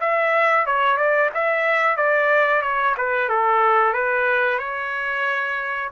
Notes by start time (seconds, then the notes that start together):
0.00 E5
0.66 C#5
0.97 D5
1.34 E5
1.96 D5
2.62 C#5
2.97 B4
3.29 A4
3.93 B4
4.58 C#5